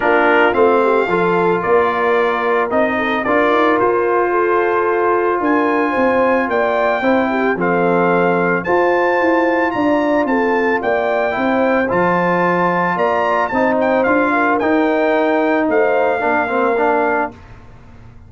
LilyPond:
<<
  \new Staff \with { instrumentName = "trumpet" } { \time 4/4 \tempo 4 = 111 ais'4 f''2 d''4~ | d''4 dis''4 d''4 c''4~ | c''2 gis''2 | g''2 f''2 |
a''2 ais''4 a''4 | g''2 a''2 | ais''4 a''8 g''8 f''4 g''4~ | g''4 f''2. | }
  \new Staff \with { instrumentName = "horn" } { \time 4/4 f'4. g'8 a'4 ais'4~ | ais'4. a'8 ais'2 | a'2 ais'4 c''4 | d''4 c''8 g'8 a'2 |
c''2 d''4 a'4 | d''4 c''2. | d''4 c''4. ais'4.~ | ais'4 c''4 ais'2 | }
  \new Staff \with { instrumentName = "trombone" } { \time 4/4 d'4 c'4 f'2~ | f'4 dis'4 f'2~ | f'1~ | f'4 e'4 c'2 |
f'1~ | f'4 e'4 f'2~ | f'4 dis'4 f'4 dis'4~ | dis'2 d'8 c'8 d'4 | }
  \new Staff \with { instrumentName = "tuba" } { \time 4/4 ais4 a4 f4 ais4~ | ais4 c'4 d'8 dis'8 f'4~ | f'2 d'4 c'4 | ais4 c'4 f2 |
f'4 e'4 d'4 c'4 | ais4 c'4 f2 | ais4 c'4 d'4 dis'4~ | dis'4 a4 ais2 | }
>>